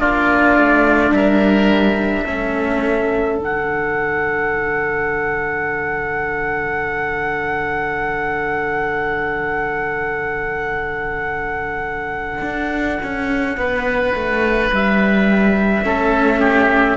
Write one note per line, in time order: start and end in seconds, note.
0.00 0.58 A#3
0.00 2.26 D4
0.00 1.14 F4
0.00 1.13 D5
0.58 1.11 A3
1.11 2.24 G3
1.11 2.24 A#4
1.11 3.40 E5
2.24 3.39 A3
2.24 3.37 C#4
2.24 13.56 A4
3.37 12.42 D3
3.37 15.83 D4
3.44 14.75 F#5
12.42 12.99 D4
13.04 13.58 C#4
13.58 14.14 B3
13.58 15.86 B4
14.15 14.71 A3
14.72 15.84 G3
14.72 16.98 E5
15.84 16.98 A3
15.84 16.98 C#4
15.84 16.40 A4
16.40 16.97 G4